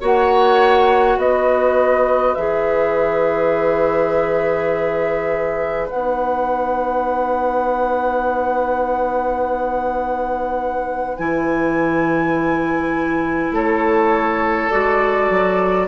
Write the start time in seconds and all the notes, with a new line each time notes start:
0.00 A#3 F#4 C#5 F#5
1.17 B3 B4 D#5
2.34 E3 G#4 E5
5.89 B3 D#4 F#5
11.17 E3 E4 G#5
13.51 A3 A4 C#5
14.70 G#3 F#4 D5
15.29 F#3